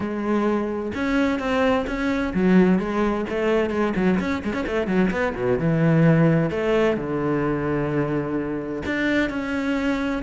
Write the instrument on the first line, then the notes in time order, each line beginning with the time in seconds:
cello
0.00 G#3
0.95 C#4
1.39 C4
1.86 C#4
2.34 F#3
2.78 G#3
3.29 A3
3.70 G#3
3.96 F#3
4.19 C#4
4.43 G#3
4.53 C#4
4.66 A3
4.87 F#3
5.10 B3
5.35 B2
5.59 E3
6.50 A3
6.96 D3
8.85 D4
9.29 C#4